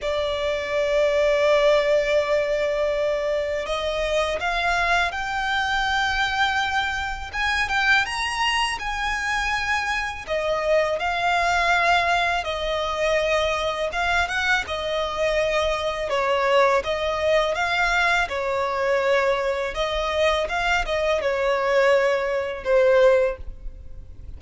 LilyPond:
\new Staff \with { instrumentName = "violin" } { \time 4/4 \tempo 4 = 82 d''1~ | d''4 dis''4 f''4 g''4~ | g''2 gis''8 g''8 ais''4 | gis''2 dis''4 f''4~ |
f''4 dis''2 f''8 fis''8 | dis''2 cis''4 dis''4 | f''4 cis''2 dis''4 | f''8 dis''8 cis''2 c''4 | }